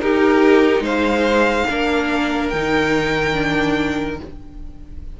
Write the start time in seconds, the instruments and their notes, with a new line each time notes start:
0.00 viola D#4, cello D#4, violin G4 A#4
0.80 cello G#3, violin C5 F5
1.69 cello A#3, viola D4, violin A#4
2.49 cello D#3, viola D#4, violin G5
3.33 viola D4